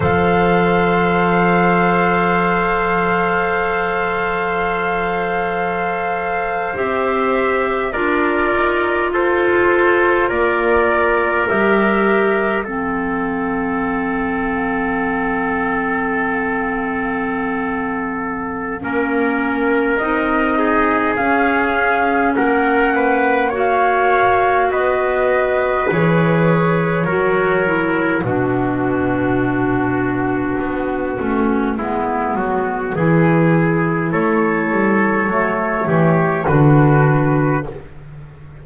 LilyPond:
<<
  \new Staff \with { instrumentName = "flute" } { \time 4/4 \tempo 4 = 51 f''1~ | f''4.~ f''16 e''4 d''4 c''16~ | c''8. d''4 e''4 f''4~ f''16~ | f''1~ |
f''4 dis''4 f''4 fis''4 | f''4 dis''4 cis''2 | b'1~ | b'4 cis''2 b'4 | }
  \new Staff \with { instrumentName = "trumpet" } { \time 4/4 c''1~ | c''2~ c''8. ais'4 a'16~ | a'8. ais'2 a'4~ a'16~ | a'1 |
ais'4. gis'4. ais'8 b'8 | cis''4 b'2 ais'4 | fis'2. e'8 fis'8 | gis'4 a'4. g'8 fis'4 | }
  \new Staff \with { instrumentName = "clarinet" } { \time 4/4 a'1~ | a'4.~ a'16 g'4 f'4~ f'16~ | f'4.~ f'16 g'4 c'4~ c'16~ | c'1 |
cis'4 dis'4 cis'2 | fis'2 gis'4 fis'8 e'8 | d'2~ d'8 cis'8 b4 | e'2 a4 d'4 | }
  \new Staff \with { instrumentName = "double bass" } { \time 4/4 f1~ | f4.~ f16 c'4 d'8 dis'8 f'16~ | f'8. ais4 g4 f4~ f16~ | f1 |
ais4 c'4 cis'4 ais4~ | ais4 b4 e4 fis4 | b,2 b8 a8 gis8 fis8 | e4 a8 g8 fis8 e8 d4 | }
>>